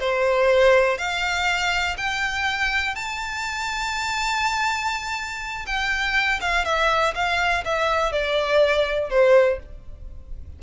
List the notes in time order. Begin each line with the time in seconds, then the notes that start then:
0.00 C5
0.98 F5
1.97 G5
2.95 A5
5.66 G5
6.41 F5
6.65 E5
7.15 F5
7.65 E5
8.12 D5
9.10 C5